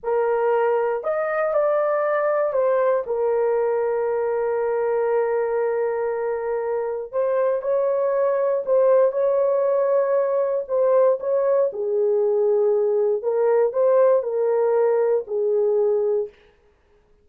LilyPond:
\new Staff \with { instrumentName = "horn" } { \time 4/4 \tempo 4 = 118 ais'2 dis''4 d''4~ | d''4 c''4 ais'2~ | ais'1~ | ais'2 c''4 cis''4~ |
cis''4 c''4 cis''2~ | cis''4 c''4 cis''4 gis'4~ | gis'2 ais'4 c''4 | ais'2 gis'2 | }